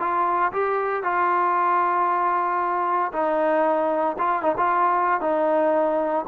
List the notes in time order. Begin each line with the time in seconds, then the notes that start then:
0.00 F4
0.53 G4
1.03 F4
3.13 D#4
4.19 F4
4.43 D#4
4.57 F4
5.21 D#4